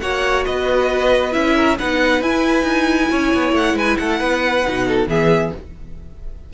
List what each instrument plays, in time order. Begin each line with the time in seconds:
0.00 cello A#3, viola F#4, violin C#5 F#5
0.46 cello B3, violin B4 D#5
1.32 cello C#4, viola E4, violin E5
1.56 violin A#4
1.79 cello B3, viola D#4, violin B4 F#5
2.21 cello E4, viola E4, violin G#5
2.64 cello D#4
3.11 cello C#4, violin C#5
3.34 cello B3
3.53 cello A3, violin F#5
3.74 cello G#3, violin B4 G#5
3.98 cello A3, violin A4 F#5
4.20 cello B3, violin B4
4.64 cello B2, viola D#4
4.88 violin A4
5.07 cello E3, viola B3, violin G#4 E5